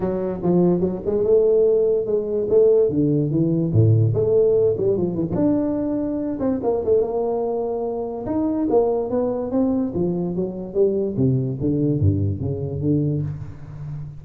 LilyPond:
\new Staff \with { instrumentName = "tuba" } { \time 4/4 \tempo 4 = 145 fis4 f4 fis8 gis8 a4~ | a4 gis4 a4 d4 | e4 a,4 a4. g8 | f8 e16 f16 d'2~ d'8 c'8 |
ais8 a8 ais2. | dis'4 ais4 b4 c'4 | f4 fis4 g4 c4 | d4 g,4 cis4 d4 | }